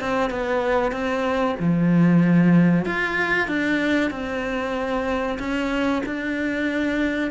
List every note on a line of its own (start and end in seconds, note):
0.00 0.30 C4
0.30 0.91 B3
0.91 1.55 C4
1.59 2.85 F3
2.85 3.47 F4
3.47 4.10 D4
4.10 5.38 C4
5.38 6.02 C#4
6.06 7.30 D4